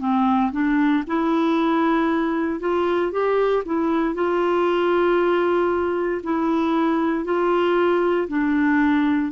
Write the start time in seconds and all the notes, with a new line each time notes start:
0.00 C4
0.52 D4
1.07 E4
2.60 F4
3.12 G4
3.65 E4
4.15 F4
6.24 E4
7.25 F4
8.29 D4